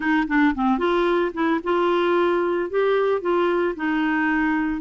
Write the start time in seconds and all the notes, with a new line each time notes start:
0.00 D#4
0.27 D4
0.55 C4
0.78 F4
1.33 E4
1.63 F4
2.70 G4
3.21 F4
3.75 D#4